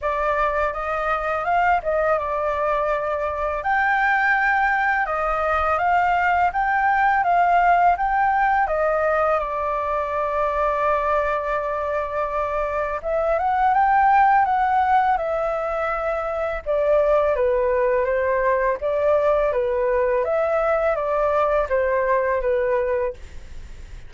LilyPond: \new Staff \with { instrumentName = "flute" } { \time 4/4 \tempo 4 = 83 d''4 dis''4 f''8 dis''8 d''4~ | d''4 g''2 dis''4 | f''4 g''4 f''4 g''4 | dis''4 d''2.~ |
d''2 e''8 fis''8 g''4 | fis''4 e''2 d''4 | b'4 c''4 d''4 b'4 | e''4 d''4 c''4 b'4 | }